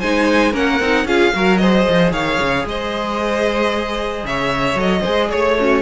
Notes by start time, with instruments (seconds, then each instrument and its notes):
0.00 cello G#3, viola D#4, violin C5 G#5
0.52 cello A#3, viola C#4, violin A#4 F#5
0.80 cello C4, viola D#4
1.05 cello C#4, viola F4, violin G#4 F5
1.34 cello F#3, viola F#4, violin A#4
1.57 viola G#4, violin C5 D#5
1.89 cello F3
2.12 cello D#3, violin C#5 F5
2.41 cello C#3
2.65 cello G#3, violin C5 D#5
4.24 cello C#3, violin C#5 E5
4.75 cello F#3, viola A4, violin D#5
5.01 cello G#3, viola G#4, violin C5
5.31 cello A3, violin C#5
5.60 violin C#4, viola F#4